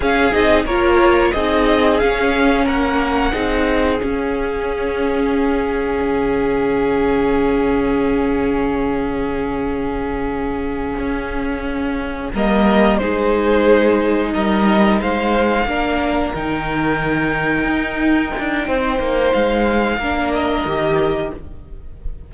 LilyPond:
<<
  \new Staff \with { instrumentName = "violin" } { \time 4/4 \tempo 4 = 90 f''8 dis''8 cis''4 dis''4 f''4 | fis''2 f''2~ | f''1~ | f''1~ |
f''2~ f''8 dis''4 c''8~ | c''4. dis''4 f''4.~ | f''8 g''2.~ g''8~ | g''4 f''4. dis''4. | }
  \new Staff \with { instrumentName = "violin" } { \time 4/4 gis'4 ais'4 gis'2 | ais'4 gis'2.~ | gis'1~ | gis'1~ |
gis'2~ gis'8 ais'4 gis'8~ | gis'4. ais'4 c''4 ais'8~ | ais'1 | c''2 ais'2 | }
  \new Staff \with { instrumentName = "viola" } { \time 4/4 cis'8 dis'8 f'4 dis'4 cis'4~ | cis'4 dis'4 cis'2~ | cis'1~ | cis'1~ |
cis'2~ cis'8 ais4 dis'8~ | dis'2.~ dis'8 d'8~ | d'8 dis'2.~ dis'8~ | dis'2 d'4 g'4 | }
  \new Staff \with { instrumentName = "cello" } { \time 4/4 cis'8 c'8 ais4 c'4 cis'4 | ais4 c'4 cis'2~ | cis'4 cis2.~ | cis1~ |
cis8 cis'2 g4 gis8~ | gis4. g4 gis4 ais8~ | ais8 dis2 dis'4 d'8 | c'8 ais8 gis4 ais4 dis4 | }
>>